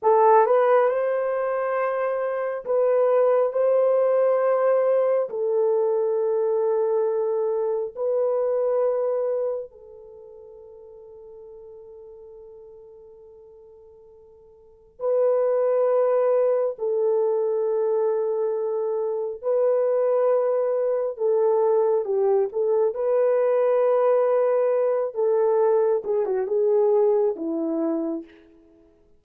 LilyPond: \new Staff \with { instrumentName = "horn" } { \time 4/4 \tempo 4 = 68 a'8 b'8 c''2 b'4 | c''2 a'2~ | a'4 b'2 a'4~ | a'1~ |
a'4 b'2 a'4~ | a'2 b'2 | a'4 g'8 a'8 b'2~ | b'8 a'4 gis'16 fis'16 gis'4 e'4 | }